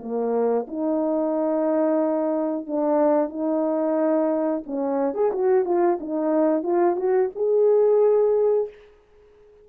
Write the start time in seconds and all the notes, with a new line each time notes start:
0.00 A#3
0.68 D#4
2.67 D4
3.30 D#4
4.67 C#4
5.15 G#4
5.32 F#4
5.65 F4
6.00 D#4
6.63 F4
6.97 F#4
7.36 G#4